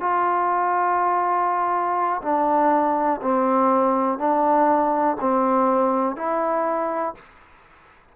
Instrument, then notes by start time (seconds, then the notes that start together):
trombone
0.00 F4
2.22 D4
3.22 C4
4.18 D4
5.21 C4
6.17 E4